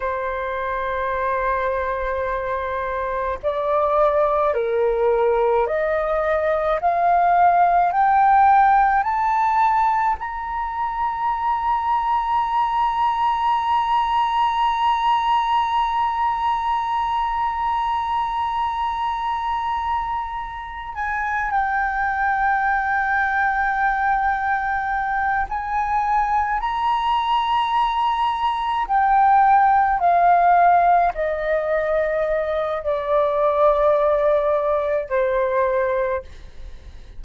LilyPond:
\new Staff \with { instrumentName = "flute" } { \time 4/4 \tempo 4 = 53 c''2. d''4 | ais'4 dis''4 f''4 g''4 | a''4 ais''2.~ | ais''1~ |
ais''2~ ais''8 gis''8 g''4~ | g''2~ g''8 gis''4 ais''8~ | ais''4. g''4 f''4 dis''8~ | dis''4 d''2 c''4 | }